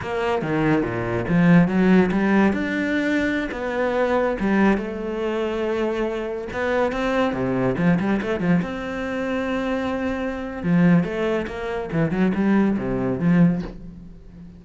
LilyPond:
\new Staff \with { instrumentName = "cello" } { \time 4/4 \tempo 4 = 141 ais4 dis4 ais,4 f4 | fis4 g4 d'2~ | d'16 b2 g4 a8.~ | a2.~ a16 b8.~ |
b16 c'4 c4 f8 g8 a8 f16~ | f16 c'2.~ c'8.~ | c'4 f4 a4 ais4 | e8 fis8 g4 c4 f4 | }